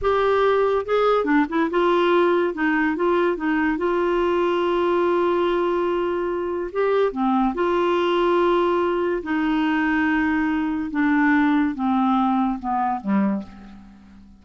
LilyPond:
\new Staff \with { instrumentName = "clarinet" } { \time 4/4 \tempo 4 = 143 g'2 gis'4 d'8 e'8 | f'2 dis'4 f'4 | dis'4 f'2.~ | f'1 |
g'4 c'4 f'2~ | f'2 dis'2~ | dis'2 d'2 | c'2 b4 g4 | }